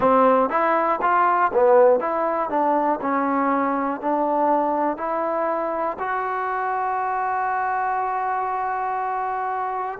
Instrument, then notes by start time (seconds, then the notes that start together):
trombone
0.00 C4
0.49 E4
1.01 F4
1.53 B3
2.00 E4
2.50 D4
3.00 C#4
4.00 D4
4.97 E4
5.98 F#4